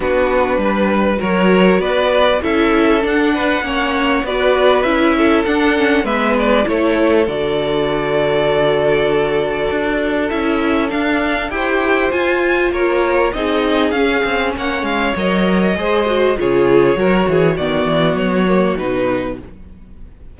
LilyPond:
<<
  \new Staff \with { instrumentName = "violin" } { \time 4/4 \tempo 4 = 99 b'2 cis''4 d''4 | e''4 fis''2 d''4 | e''4 fis''4 e''8 d''8 cis''4 | d''1~ |
d''4 e''4 f''4 g''4 | gis''4 cis''4 dis''4 f''4 | fis''8 f''8 dis''2 cis''4~ | cis''4 d''4 cis''4 b'4 | }
  \new Staff \with { instrumentName = "violin" } { \time 4/4 fis'4 b'4 ais'4 b'4 | a'4. b'8 cis''4 b'4~ | b'8 a'4. b'4 a'4~ | a'1~ |
a'2. c''4~ | c''4 ais'4 gis'2 | cis''2 c''4 gis'4 | ais'8 gis'8 fis'2. | }
  \new Staff \with { instrumentName = "viola" } { \time 4/4 d'2 fis'2 | e'4 d'4 cis'4 fis'4 | e'4 d'8 cis'8 b4 e'4 | fis'1~ |
fis'4 e'4 d'4 g'4 | f'2 dis'4 cis'4~ | cis'4 ais'4 gis'8 fis'8 f'4 | fis'4 b4. ais8 dis'4 | }
  \new Staff \with { instrumentName = "cello" } { \time 4/4 b4 g4 fis4 b4 | cis'4 d'4 ais4 b4 | cis'4 d'4 gis4 a4 | d1 |
d'4 cis'4 d'4 e'4 | f'4 ais4 c'4 cis'8 c'8 | ais8 gis8 fis4 gis4 cis4 | fis8 e8 dis8 e8 fis4 b,4 | }
>>